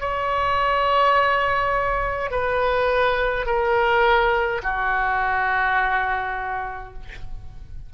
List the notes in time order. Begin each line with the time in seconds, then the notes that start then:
0.00 C#5
2.31 B4
3.46 A#4
4.63 F#4